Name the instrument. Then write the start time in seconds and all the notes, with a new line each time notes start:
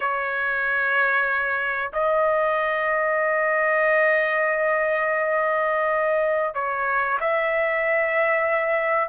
trumpet
0.00 C#5
1.92 D#5
6.54 C#5
7.20 E5